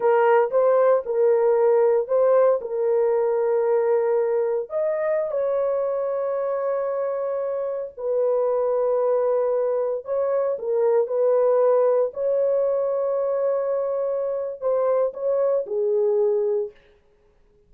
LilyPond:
\new Staff \with { instrumentName = "horn" } { \time 4/4 \tempo 4 = 115 ais'4 c''4 ais'2 | c''4 ais'2.~ | ais'4 dis''4~ dis''16 cis''4.~ cis''16~ | cis''2.~ cis''16 b'8.~ |
b'2.~ b'16 cis''8.~ | cis''16 ais'4 b'2 cis''8.~ | cis''1 | c''4 cis''4 gis'2 | }